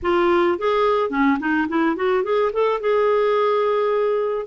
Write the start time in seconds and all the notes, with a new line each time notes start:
0.02 F4
0.58 G#4
1.10 C#4
1.39 D#4
1.68 E4
1.95 F#4
2.23 G#4
2.52 A4
2.80 G#4